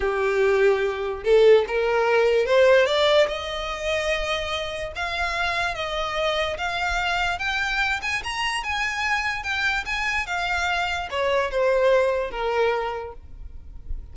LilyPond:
\new Staff \with { instrumentName = "violin" } { \time 4/4 \tempo 4 = 146 g'2. a'4 | ais'2 c''4 d''4 | dis''1 | f''2 dis''2 |
f''2 g''4. gis''8 | ais''4 gis''2 g''4 | gis''4 f''2 cis''4 | c''2 ais'2 | }